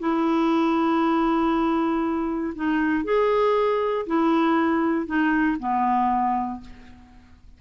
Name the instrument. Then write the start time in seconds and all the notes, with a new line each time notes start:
clarinet
0.00 E4
2.56 D#4
3.05 G#4
4.07 E4
5.07 D#4
5.60 B3